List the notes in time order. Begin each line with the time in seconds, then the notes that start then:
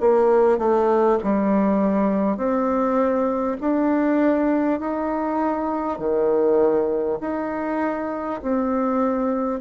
0.00 A#3
0.58 A3
1.23 G3
2.37 C4
3.61 D4
4.79 D#4
5.99 D#3
7.21 D#4
8.42 C4